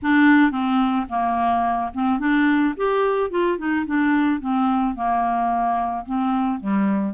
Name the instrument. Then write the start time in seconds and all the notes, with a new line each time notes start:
clarinet
0.02 D4
0.51 C4
1.09 A#3
1.94 C4
2.19 D4
2.76 G4
3.30 F4
3.58 D#4
3.86 D4
4.40 C4
4.95 A#3
6.05 C4
6.60 G3